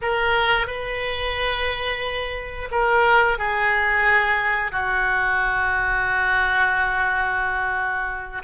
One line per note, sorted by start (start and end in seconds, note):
0.01 0.66 A#4
0.66 2.68 B4
2.71 3.38 A#4
3.38 4.71 G#4
4.71 8.42 F#4